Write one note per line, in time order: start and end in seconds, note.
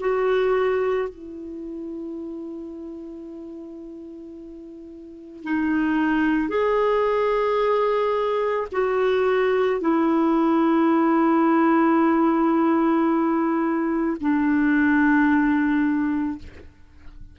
0.00 1.09 F#4
1.09 5.44 E4
5.44 6.49 D#4
6.49 8.67 G#4
8.72 9.81 F#4
9.81 14.17 E4
14.20 16.38 D4